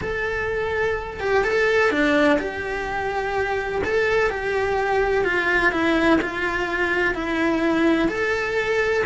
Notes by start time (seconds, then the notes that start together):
0.01 A4
1.20 G4
1.44 A4
1.90 D4
2.39 G4
3.84 A4
4.30 G4
5.24 F4
5.71 E4
6.21 F4
7.14 E4
8.08 A4